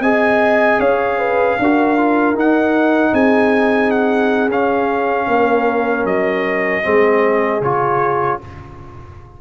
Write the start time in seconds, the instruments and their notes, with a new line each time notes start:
0.00 tuba C4, trombone G#4, horn D#5, trumpet G#5
0.79 tuba C#4, horn C#5, trumpet F5
1.19 horn B4
1.59 tuba D4, trombone F#4, horn A#4
1.97 trombone F4
2.34 tuba D#4, trombone D#4, trumpet F#5
3.12 tuba C4, horn G#4, trumpet G#5
3.91 trumpet F#5
4.49 tuba C#4, trombone C#4, trumpet F5
5.27 tuba A#3, horn A#4
6.05 tuba F#3, trumpet D#5
6.82 tuba G#3, trombone C4, horn G#4
7.61 tuba C#3, trombone F4, trumpet C#5